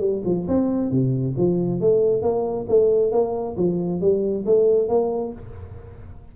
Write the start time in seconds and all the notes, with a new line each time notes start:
0.00 G3
0.25 F3
0.48 C4
0.91 C3
1.38 F3
1.81 A3
2.22 A#3
2.69 A3
3.12 A#3
3.57 F3
4.01 G3
4.46 A3
4.89 A#3